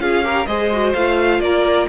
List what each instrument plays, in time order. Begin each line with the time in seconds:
0.00 cello C#4, viola F4, violin G#4 F5
0.24 viola G4, violin A#4
0.46 cello G#3, viola G#4, violin C5 D#5
0.73 viola F#4
0.94 cello A3, viola F4, violin F5
1.40 cello A#3, violin A#4 D5